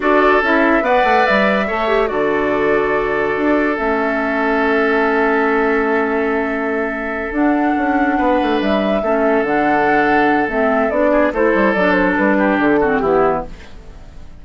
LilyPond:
<<
  \new Staff \with { instrumentName = "flute" } { \time 4/4 \tempo 4 = 143 d''4 e''4 fis''4 e''4~ | e''4 d''2.~ | d''4 e''2.~ | e''1~ |
e''4. fis''2~ fis''8~ | fis''8 e''2 fis''4.~ | fis''4 e''4 d''4 c''4 | d''8 c''8 b'4 a'4 g'4 | }
  \new Staff \with { instrumentName = "oboe" } { \time 4/4 a'2 d''2 | cis''4 a'2.~ | a'1~ | a'1~ |
a'2.~ a'8 b'8~ | b'4. a'2~ a'8~ | a'2~ a'8 gis'8 a'4~ | a'4. g'4 fis'8 e'4 | }
  \new Staff \with { instrumentName = "clarinet" } { \time 4/4 fis'4 e'4 b'2 | a'8 g'8 fis'2.~ | fis'4 cis'2.~ | cis'1~ |
cis'4. d'2~ d'8~ | d'4. cis'4 d'4.~ | d'4 c'4 d'4 e'4 | d'2~ d'8 c'8 b4 | }
  \new Staff \with { instrumentName = "bassoon" } { \time 4/4 d'4 cis'4 b8 a8 g4 | a4 d2. | d'4 a2.~ | a1~ |
a4. d'4 cis'4 b8 | a8 g4 a4 d4.~ | d4 a4 b4 a8 g8 | fis4 g4 d4 e4 | }
>>